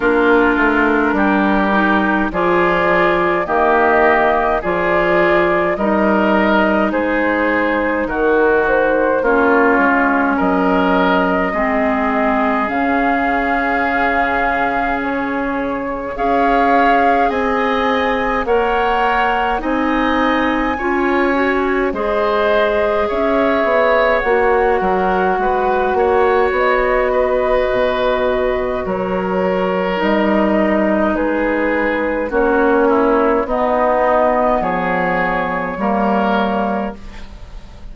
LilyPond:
<<
  \new Staff \with { instrumentName = "flute" } { \time 4/4 \tempo 4 = 52 ais'2 d''4 dis''4 | d''4 dis''4 c''4 ais'8 c''8 | cis''4 dis''2 f''4~ | f''4 cis''4 f''4 gis''4 |
fis''4 gis''2 dis''4 | e''4 fis''2 dis''4~ | dis''4 cis''4 dis''4 b'4 | cis''4 dis''4 cis''2 | }
  \new Staff \with { instrumentName = "oboe" } { \time 4/4 f'4 g'4 gis'4 g'4 | gis'4 ais'4 gis'4 fis'4 | f'4 ais'4 gis'2~ | gis'2 cis''4 dis''4 |
cis''4 dis''4 cis''4 c''4 | cis''4. ais'8 b'8 cis''4 b'8~ | b'4 ais'2 gis'4 | fis'8 e'8 dis'4 gis'4 ais'4 | }
  \new Staff \with { instrumentName = "clarinet" } { \time 4/4 d'4. dis'8 f'4 ais4 | f'4 dis'2. | cis'2 c'4 cis'4~ | cis'2 gis'2 |
ais'4 dis'4 f'8 fis'8 gis'4~ | gis'4 fis'2.~ | fis'2 dis'2 | cis'4 b2 ais4 | }
  \new Staff \with { instrumentName = "bassoon" } { \time 4/4 ais8 a8 g4 f4 dis4 | f4 g4 gis4 dis4 | ais8 gis8 fis4 gis4 cis4~ | cis2 cis'4 c'4 |
ais4 c'4 cis'4 gis4 | cis'8 b8 ais8 fis8 gis8 ais8 b4 | b,4 fis4 g4 gis4 | ais4 b4 f4 g4 | }
>>